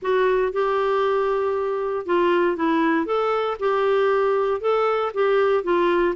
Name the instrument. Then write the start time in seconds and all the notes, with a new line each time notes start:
clarinet
0.02 F#4
0.52 G4
2.05 F4
2.56 E4
3.06 A4
3.59 G4
4.60 A4
5.14 G4
5.63 F4